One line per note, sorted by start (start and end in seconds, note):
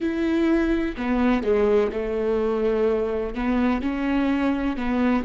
0.00 0.96 E4
0.96 1.43 B3
1.43 1.90 G#3
1.92 3.34 A3
3.34 3.81 B3
3.81 4.76 C#4
4.76 5.24 B3